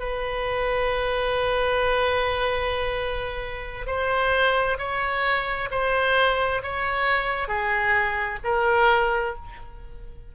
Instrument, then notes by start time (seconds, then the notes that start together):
oboe
0.00 B4
3.87 C5
4.79 C#5
5.71 C5
6.63 C#5
7.48 G#4
8.45 A#4